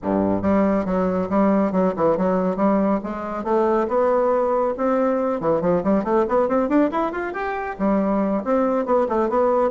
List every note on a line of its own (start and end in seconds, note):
0.02 0.41 G2
0.41 0.85 G3
0.85 1.28 F#3
1.29 1.72 G3
1.72 1.93 F#3
1.96 2.17 E3
2.17 2.56 F#3
2.56 2.99 G3
3.03 3.44 G#3
3.44 3.87 A3
3.88 4.74 B3
4.77 5.40 C4
5.40 5.61 E3
5.61 5.83 F3
5.83 6.04 G3
6.04 6.25 A3
6.28 6.48 B3
6.48 6.68 C4
6.68 6.90 D4
6.91 7.12 E4
7.12 7.33 F4
7.33 7.76 G4
7.78 8.43 G3
8.44 8.85 C4
8.85 9.07 B3
9.08 9.29 A3
9.29 9.70 B3